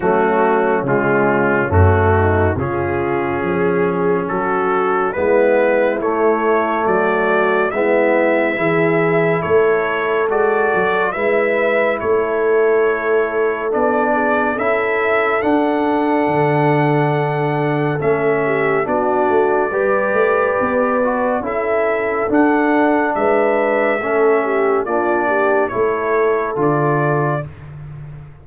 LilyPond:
<<
  \new Staff \with { instrumentName = "trumpet" } { \time 4/4 \tempo 4 = 70 fis'4 f'4 fis'4 gis'4~ | gis'4 a'4 b'4 cis''4 | d''4 e''2 cis''4 | d''4 e''4 cis''2 |
d''4 e''4 fis''2~ | fis''4 e''4 d''2~ | d''4 e''4 fis''4 e''4~ | e''4 d''4 cis''4 d''4 | }
  \new Staff \with { instrumentName = "horn" } { \time 4/4 cis'2~ cis'8 dis'8 f'4 | gis'4 fis'4 e'2 | fis'4 e'4 gis'4 a'4~ | a'4 b'4 a'2~ |
a'8 gis'8 a'2.~ | a'4. g'8 fis'4 b'4~ | b'4 a'2 b'4 | a'8 g'8 f'8 g'8 a'2 | }
  \new Staff \with { instrumentName = "trombone" } { \time 4/4 a4 gis4 a4 cis'4~ | cis'2 b4 a4~ | a4 b4 e'2 | fis'4 e'2. |
d'4 e'4 d'2~ | d'4 cis'4 d'4 g'4~ | g'8 fis'8 e'4 d'2 | cis'4 d'4 e'4 f'4 | }
  \new Staff \with { instrumentName = "tuba" } { \time 4/4 fis4 cis4 fis,4 cis4 | f4 fis4 gis4 a4 | fis4 gis4 e4 a4 | gis8 fis8 gis4 a2 |
b4 cis'4 d'4 d4~ | d4 a4 b8 a8 g8 a8 | b4 cis'4 d'4 gis4 | a4 ais4 a4 d4 | }
>>